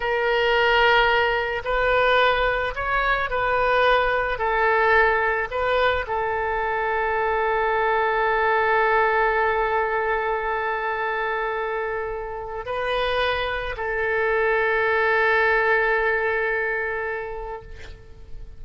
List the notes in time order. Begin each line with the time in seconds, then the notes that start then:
0.00 A#4
1.64 B4
2.75 C#5
3.30 B4
4.38 A4
5.50 B4
6.07 A4
12.65 B4
13.76 A4